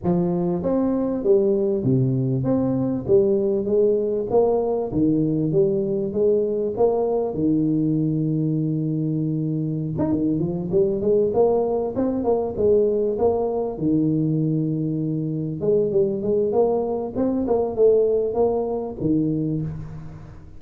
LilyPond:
\new Staff \with { instrumentName = "tuba" } { \time 4/4 \tempo 4 = 98 f4 c'4 g4 c4 | c'4 g4 gis4 ais4 | dis4 g4 gis4 ais4 | dis1~ |
dis16 dis'16 dis8 f8 g8 gis8 ais4 c'8 | ais8 gis4 ais4 dis4.~ | dis4. gis8 g8 gis8 ais4 | c'8 ais8 a4 ais4 dis4 | }